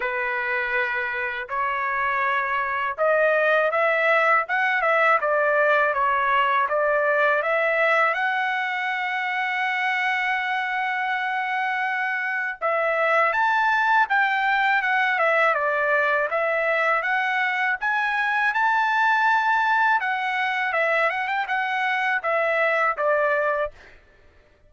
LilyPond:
\new Staff \with { instrumentName = "trumpet" } { \time 4/4 \tempo 4 = 81 b'2 cis''2 | dis''4 e''4 fis''8 e''8 d''4 | cis''4 d''4 e''4 fis''4~ | fis''1~ |
fis''4 e''4 a''4 g''4 | fis''8 e''8 d''4 e''4 fis''4 | gis''4 a''2 fis''4 | e''8 fis''16 g''16 fis''4 e''4 d''4 | }